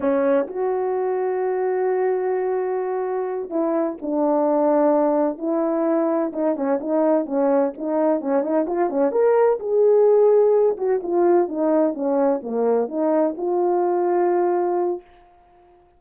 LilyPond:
\new Staff \with { instrumentName = "horn" } { \time 4/4 \tempo 4 = 128 cis'4 fis'2.~ | fis'2.~ fis'8 e'8~ | e'8 d'2. e'8~ | e'4. dis'8 cis'8 dis'4 cis'8~ |
cis'8 dis'4 cis'8 dis'8 f'8 cis'8 ais'8~ | ais'8 gis'2~ gis'8 fis'8 f'8~ | f'8 dis'4 cis'4 ais4 dis'8~ | dis'8 f'2.~ f'8 | }